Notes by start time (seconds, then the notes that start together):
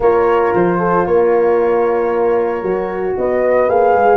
0.00 A#3 F4 A#4 C#5
0.54 F3 C5
0.78 A4
1.05 A#3 A#4 C#5
2.62 F#3 F#4
3.16 B3 B4 D#5
3.68 A#3 G#4 F5
3.95 G#3